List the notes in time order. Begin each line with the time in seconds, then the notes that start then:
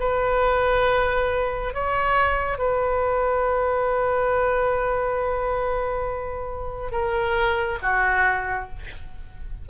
0.00 B4
1.74 C#5
2.58 B4
6.92 A#4
7.83 F#4